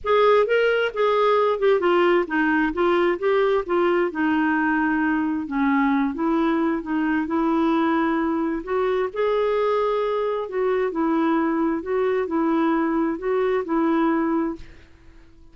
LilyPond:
\new Staff \with { instrumentName = "clarinet" } { \time 4/4 \tempo 4 = 132 gis'4 ais'4 gis'4. g'8 | f'4 dis'4 f'4 g'4 | f'4 dis'2. | cis'4. e'4. dis'4 |
e'2. fis'4 | gis'2. fis'4 | e'2 fis'4 e'4~ | e'4 fis'4 e'2 | }